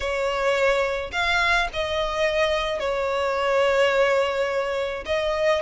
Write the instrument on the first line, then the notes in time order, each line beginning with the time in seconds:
violin
0.00 C#5
1.12 F5
1.73 D#5
2.79 C#5
5.05 D#5